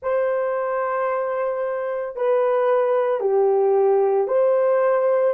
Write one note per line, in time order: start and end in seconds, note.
0.02 2.16 C5
2.16 3.20 B4
3.20 4.27 G4
4.27 5.34 C5